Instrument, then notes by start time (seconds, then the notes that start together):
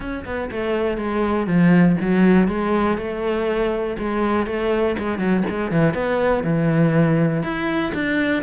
cello
0.00 C#4
0.25 B3
0.51 A3
0.97 G#3
1.47 F3
2.01 F#3
2.48 G#3
2.97 A3
3.98 G#3
4.46 A3
4.98 G#3
5.18 F#3
5.49 G#3
5.71 E3
5.94 B3
6.43 E3
7.42 E4
7.93 D4